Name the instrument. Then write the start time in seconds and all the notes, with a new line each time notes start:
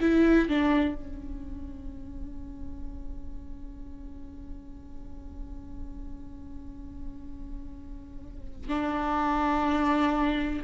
viola
0.00 E4
0.49 D4
0.95 C#4
8.68 D4